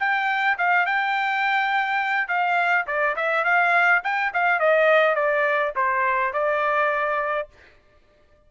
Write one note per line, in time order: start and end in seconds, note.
0.00 0.58 G5
0.58 0.86 F5
0.86 2.28 G5
2.28 2.86 F5
2.87 3.16 D5
3.16 3.45 E5
3.45 4.03 F5
4.04 4.33 G5
4.34 4.60 F5
4.60 5.16 D#5
5.16 5.74 D5
5.76 6.34 C5
6.34 7.49 D5